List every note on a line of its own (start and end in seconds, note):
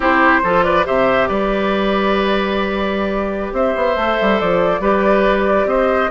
0.00 0.41 C4
0.00 0.43 E4
0.00 0.40 G4
0.00 0.63 C5
0.43 0.86 F3
0.43 0.84 F4
0.43 0.64 A4
0.63 0.86 B4
0.63 0.85 D5
0.84 1.29 C3
0.84 3.95 G4
0.84 1.28 C5
0.84 1.27 E5
1.27 3.52 G3
1.27 3.53 B4
1.27 3.52 D5
3.52 3.74 C4
3.52 4.81 C5
3.52 4.40 E5
3.76 3.96 B3
3.96 4.17 A3
3.96 4.81 A4
4.21 4.41 G3
4.40 4.79 F3
4.40 5.68 D5
4.79 5.65 G3
4.79 6.10 G4
4.79 5.66 B4
5.65 6.08 C4
5.65 6.11 C5
5.65 6.11 D#5